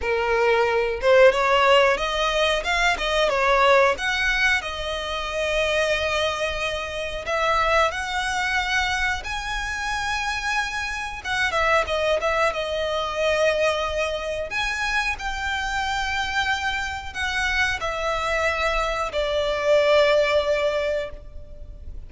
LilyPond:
\new Staff \with { instrumentName = "violin" } { \time 4/4 \tempo 4 = 91 ais'4. c''8 cis''4 dis''4 | f''8 dis''8 cis''4 fis''4 dis''4~ | dis''2. e''4 | fis''2 gis''2~ |
gis''4 fis''8 e''8 dis''8 e''8 dis''4~ | dis''2 gis''4 g''4~ | g''2 fis''4 e''4~ | e''4 d''2. | }